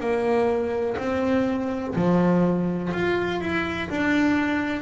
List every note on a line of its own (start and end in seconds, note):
0.00 0.97 A#3
0.98 1.94 C4
1.95 2.92 F3
2.93 3.40 F4
3.40 3.89 E4
3.89 4.81 D4